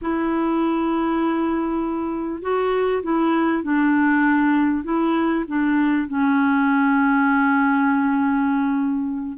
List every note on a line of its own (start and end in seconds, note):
0.01 2.42 E4
2.42 3.02 F#4
3.02 3.63 E4
3.63 4.84 D4
4.84 5.44 E4
5.47 6.07 D4
6.07 9.37 C#4